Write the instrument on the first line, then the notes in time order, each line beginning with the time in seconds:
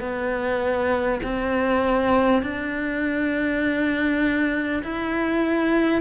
cello
0.00 B3
1.23 C4
2.42 D4
4.83 E4